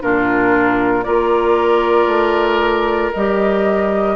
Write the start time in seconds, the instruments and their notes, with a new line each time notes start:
0.00 bassoon A#2, clarinet D4, oboe F4, flute A#4
1.03 bassoon A#3, clarinet F4, oboe A#4, flute D5
2.06 bassoon A3
3.13 bassoon G3, clarinet G4, flute D#5